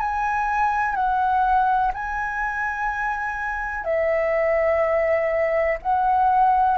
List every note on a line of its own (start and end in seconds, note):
0.00 0.95 G#5
0.95 1.92 F#5
1.94 3.84 G#5
3.84 5.78 E5
5.82 6.77 F#5